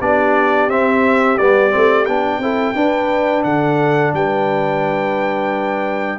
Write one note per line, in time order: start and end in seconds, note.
0.00 0.68 B3
0.00 0.69 D4
0.00 2.41 G4
0.00 0.70 D5
0.68 1.37 C4
0.68 1.38 C4
0.68 1.38 E5
1.38 1.72 G3
1.38 1.70 B3
1.38 2.05 D5
1.70 2.07 A3
1.70 2.05 C4
2.05 2.38 B3
2.05 2.42 D4
2.05 3.43 G5
2.38 2.73 C4
2.38 2.75 E4
2.38 2.76 A4
2.75 6.19 D4
2.75 3.44 D4
2.75 3.45 B4
3.43 4.13 D3
3.43 4.14 A4
3.43 4.12 F#5
4.13 6.19 G3
4.13 6.19 B4
4.13 6.19 G5